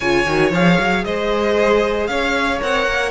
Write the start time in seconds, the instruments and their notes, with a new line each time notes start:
0.00 cello C#3, viola F4, violin C#5 G#5
0.26 cello D#3, viola F#4
0.51 cello F3, viola G#4, violin F5
0.79 cello F#3
1.04 cello G#3, violin C5 D#5
2.06 cello C#4, violin C#5 F5
2.59 cello C4, viola A#4, violin F#5
2.86 cello A#3